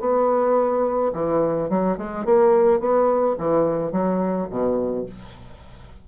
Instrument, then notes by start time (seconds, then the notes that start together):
bassoon
0.00 B3
1.13 E3
1.69 F#3
1.98 G#3
2.25 A#3
2.80 B3
3.38 E3
3.92 F#3
4.50 B2